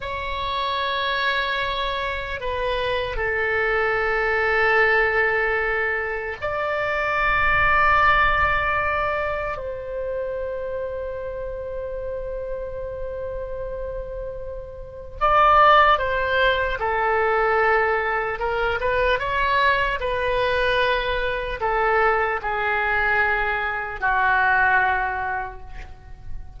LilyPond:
\new Staff \with { instrumentName = "oboe" } { \time 4/4 \tempo 4 = 75 cis''2. b'4 | a'1 | d''1 | c''1~ |
c''2. d''4 | c''4 a'2 ais'8 b'8 | cis''4 b'2 a'4 | gis'2 fis'2 | }